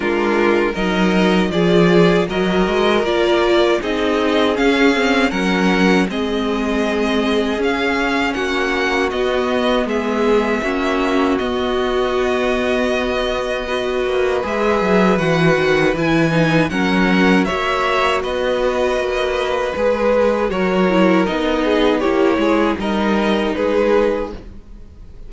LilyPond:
<<
  \new Staff \with { instrumentName = "violin" } { \time 4/4 \tempo 4 = 79 ais'4 dis''4 d''4 dis''4 | d''4 dis''4 f''4 fis''4 | dis''2 f''4 fis''4 | dis''4 e''2 dis''4~ |
dis''2. e''4 | fis''4 gis''4 fis''4 e''4 | dis''2 b'4 cis''4 | dis''4 cis''4 dis''4 b'4 | }
  \new Staff \with { instrumentName = "violin" } { \time 4/4 f'4 ais'4 gis'4 ais'4~ | ais'4 gis'2 ais'4 | gis'2. fis'4~ | fis'4 gis'4 fis'2~ |
fis'2 b'2~ | b'2 ais'4 cis''4 | b'2. ais'4~ | ais'8 gis'8 g'8 gis'8 ais'4 gis'4 | }
  \new Staff \with { instrumentName = "viola" } { \time 4/4 d'4 dis'4 f'4 fis'4 | f'4 dis'4 cis'8 c'8 cis'4 | c'2 cis'2 | b2 cis'4 b4~ |
b2 fis'4 gis'4 | fis'4 e'8 dis'8 cis'4 fis'4~ | fis'2 gis'4 fis'8 e'8 | dis'4 e'4 dis'2 | }
  \new Staff \with { instrumentName = "cello" } { \time 4/4 gis4 fis4 f4 fis8 gis8 | ais4 c'4 cis'4 fis4 | gis2 cis'4 ais4 | b4 gis4 ais4 b4~ |
b2~ b8 ais8 gis8 fis8 | e8 dis8 e4 fis4 ais4 | b4 ais4 gis4 fis4 | b4 ais8 gis8 g4 gis4 | }
>>